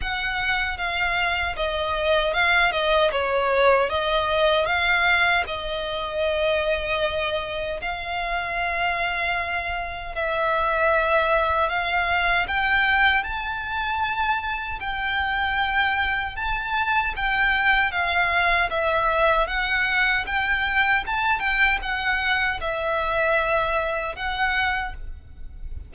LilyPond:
\new Staff \with { instrumentName = "violin" } { \time 4/4 \tempo 4 = 77 fis''4 f''4 dis''4 f''8 dis''8 | cis''4 dis''4 f''4 dis''4~ | dis''2 f''2~ | f''4 e''2 f''4 |
g''4 a''2 g''4~ | g''4 a''4 g''4 f''4 | e''4 fis''4 g''4 a''8 g''8 | fis''4 e''2 fis''4 | }